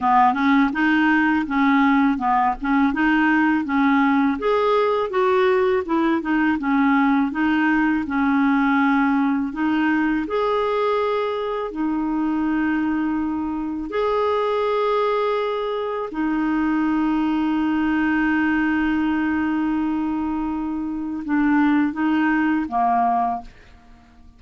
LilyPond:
\new Staff \with { instrumentName = "clarinet" } { \time 4/4 \tempo 4 = 82 b8 cis'8 dis'4 cis'4 b8 cis'8 | dis'4 cis'4 gis'4 fis'4 | e'8 dis'8 cis'4 dis'4 cis'4~ | cis'4 dis'4 gis'2 |
dis'2. gis'4~ | gis'2 dis'2~ | dis'1~ | dis'4 d'4 dis'4 ais4 | }